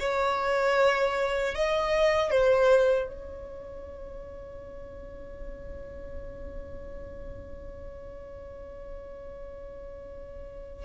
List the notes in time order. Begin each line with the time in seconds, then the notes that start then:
0.00 C#5
1.55 D#5
2.31 C5
3.08 C#5